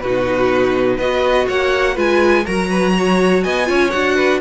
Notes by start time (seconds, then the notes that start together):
0.00 B2 D#4 F#4 B4
0.96 B3 F#4 B4 D#5
1.47 A#3 C#5 F#5
1.95 G#3 F4 B4 G#5
2.45 F#3 F#4 A#4 A#5
2.70 B4
2.98 C#5
3.43 B3 D#5 G#5
3.65 C#4 F4 C#5
3.90 D4 F#4 F#5
4.16 B4